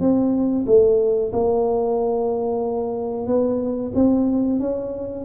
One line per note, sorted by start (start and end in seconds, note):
0.00 0.65 C4
0.67 1.32 A3
1.33 3.27 A#3
3.27 3.92 B3
3.95 4.59 C4
4.59 5.25 C#4